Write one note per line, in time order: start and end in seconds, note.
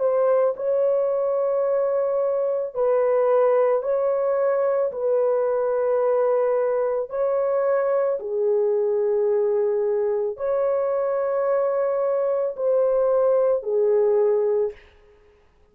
0.00 0.55 C5
0.57 2.75 C#5
2.75 3.83 B4
3.83 4.92 C#5
4.92 7.10 B4
7.10 8.19 C#5
8.20 10.37 G#4
10.37 12.56 C#5
12.57 13.63 C5
13.63 14.72 G#4